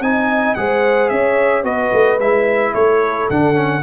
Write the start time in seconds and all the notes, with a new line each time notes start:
0.00 C4 D#4 D#5 G#5
0.55 G#3 G#4 C5 F#5
1.09 C#4 C#5 E5
1.63 B3 F#4 B4 D#5
1.92 A3
2.18 G#3 E4 E5
2.74 A3 A4 C#5
3.30 D3 D4 F#5
3.54 C#4